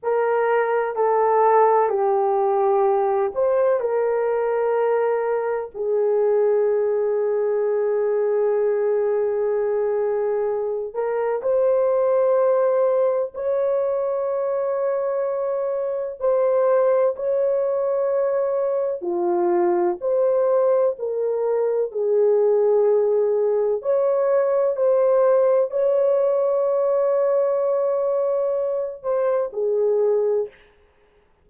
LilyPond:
\new Staff \with { instrumentName = "horn" } { \time 4/4 \tempo 4 = 63 ais'4 a'4 g'4. c''8 | ais'2 gis'2~ | gis'2.~ gis'8 ais'8 | c''2 cis''2~ |
cis''4 c''4 cis''2 | f'4 c''4 ais'4 gis'4~ | gis'4 cis''4 c''4 cis''4~ | cis''2~ cis''8 c''8 gis'4 | }